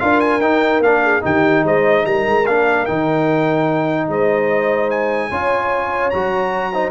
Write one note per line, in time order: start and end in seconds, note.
0.00 0.41 D4
0.00 0.41 F4
0.00 1.03 A#4
0.00 0.20 F5
0.21 0.41 G#5
0.41 0.80 D#4
0.41 0.83 D#4
0.41 0.82 G5
0.80 1.21 A#3
0.80 1.21 D4
0.80 1.24 F5
1.03 1.24 G#4
1.21 1.64 D#3
1.21 2.44 D#4
1.21 1.65 G4
1.21 1.66 G5
1.64 2.05 G#3
1.64 2.06 C5
1.64 2.06 D#5
2.06 2.26 G3
2.06 4.10 A#4
2.06 2.46 A#5
2.27 2.47 G#3
2.46 2.88 A#3
2.46 2.88 D4
2.46 2.86 F5
2.86 4.09 D#3
2.86 5.32 D#4
2.86 4.08 G5
4.09 5.31 G#3
4.09 5.29 C5
4.09 4.91 D#5
4.91 6.11 G#5
5.29 6.13 C#4
5.29 6.13 F4
5.29 6.72 C#5
6.11 6.92 F#3
6.11 6.74 F#4
6.11 6.92 A#5
6.73 6.92 D#4
6.73 6.92 C5